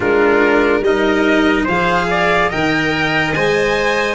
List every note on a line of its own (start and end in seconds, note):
0.00 0.80 G#3
0.00 0.82 D4
0.00 0.82 F4
0.00 0.84 A#4
0.80 1.64 G3
0.80 1.67 D#4
0.80 1.64 A#4
0.80 1.67 D#5
1.64 2.50 F3
1.64 2.49 G#4
1.64 2.05 C5
1.64 2.51 F5
2.10 2.49 D5
2.49 3.35 D#3
2.49 3.33 A#4
2.49 4.15 D#5
2.49 3.33 G5
3.33 4.15 G#3
3.33 4.15 C5
3.33 4.15 G#5